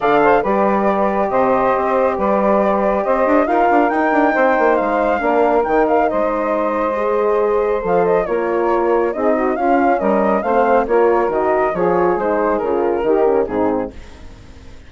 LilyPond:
<<
  \new Staff \with { instrumentName = "flute" } { \time 4/4 \tempo 4 = 138 f''4 d''2 dis''4~ | dis''4 d''2 dis''4 | f''4 g''2 f''4~ | f''4 g''8 f''8 dis''2~ |
dis''2 f''8 dis''8 cis''4~ | cis''4 dis''4 f''4 dis''4 | f''4 cis''4 dis''4 cis''4 | c''4 ais'2 gis'4 | }
  \new Staff \with { instrumentName = "saxophone" } { \time 4/4 d''8 c''8 b'2 c''4~ | c''4 b'2 c''4 | ais'2 c''2 | ais'2 c''2~ |
c''2. ais'4~ | ais'4 gis'8 fis'8 f'4 ais'4 | c''4 ais'2 gis'4~ | gis'2 g'4 dis'4 | }
  \new Staff \with { instrumentName = "horn" } { \time 4/4 a'4 g'2.~ | g'1 | f'4 dis'2. | d'4 dis'2. |
gis'2 a'4 f'4~ | f'4 dis'4 cis'2 | c'4 f'4 fis'4 f'4 | dis'4 f'4 dis'8 cis'8 c'4 | }
  \new Staff \with { instrumentName = "bassoon" } { \time 4/4 d4 g2 c4 | c'4 g2 c'8 d'8 | dis'8 d'8 dis'8 d'8 c'8 ais8 gis4 | ais4 dis4 gis2~ |
gis2 f4 ais4~ | ais4 c'4 cis'4 g4 | a4 ais4 dis4 f4 | gis4 cis4 dis4 gis,4 | }
>>